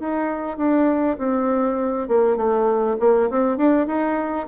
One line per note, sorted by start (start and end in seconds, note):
0.00 0.57 D#4
0.57 1.17 D4
1.18 2.08 C4
2.08 2.37 A#3
2.37 2.97 A3
3.00 3.30 A#3
3.30 3.58 C4
3.58 3.87 D4
3.87 4.47 D#4